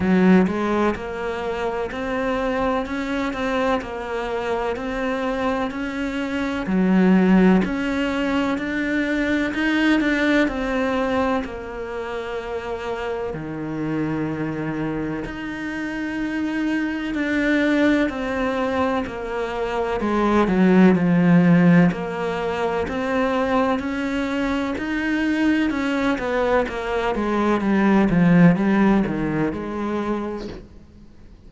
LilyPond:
\new Staff \with { instrumentName = "cello" } { \time 4/4 \tempo 4 = 63 fis8 gis8 ais4 c'4 cis'8 c'8 | ais4 c'4 cis'4 fis4 | cis'4 d'4 dis'8 d'8 c'4 | ais2 dis2 |
dis'2 d'4 c'4 | ais4 gis8 fis8 f4 ais4 | c'4 cis'4 dis'4 cis'8 b8 | ais8 gis8 g8 f8 g8 dis8 gis4 | }